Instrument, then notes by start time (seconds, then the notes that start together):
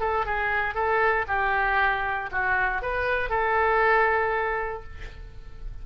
oboe
0.00 A4
0.26 G#4
0.74 A4
1.27 G4
2.31 F#4
2.82 B4
3.29 A4